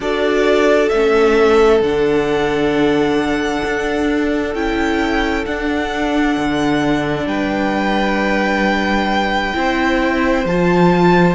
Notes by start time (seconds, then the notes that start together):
0.00 D4 F#4 A4 D5
0.88 A3 C#4 E5
1.80 D3 D4 F#5
3.65 D4
4.53 C#4 E4 G5
5.45 D4 F#5
6.37 D3
7.26 G3 B4 G5
9.54 C4 E4 C5
10.44 F3 F4 A5